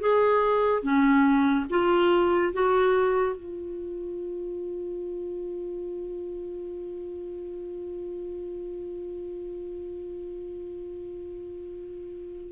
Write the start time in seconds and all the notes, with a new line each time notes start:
0.00 G#4
0.83 C#4
1.70 F4
2.53 F#4
3.37 F4